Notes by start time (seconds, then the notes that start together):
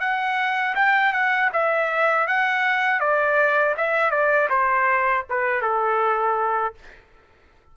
0.00 F#5
0.75 G5
1.12 F#5
1.53 E5
2.27 F#5
3.00 D5
3.77 E5
4.11 D5
4.50 C5
5.30 B4
5.62 A4